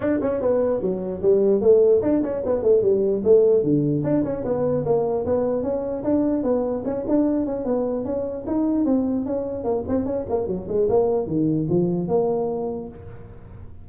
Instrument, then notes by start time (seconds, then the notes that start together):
tuba
0.00 D4
0.21 C#4
0.41 B3
0.81 F#3
1.22 G3
1.61 A3
2.02 D4
2.23 C#4
2.45 B3
2.63 A3
2.82 G3
3.24 A3
3.63 D3
4.03 D4
4.24 C#4
4.44 B3
4.85 A#3
5.25 B3
5.62 C#4
6.03 D4
6.43 B3
6.84 C#4
7.08 D4
7.46 C#4
7.64 B3
8.04 C#4
8.47 D#4
8.85 C4
9.25 C#4
9.64 A#3
9.87 C4
10.05 C#4
10.29 A#3
10.47 F#3
10.67 G#3
10.89 A#3
11.26 D#3
11.69 F3
12.08 A#3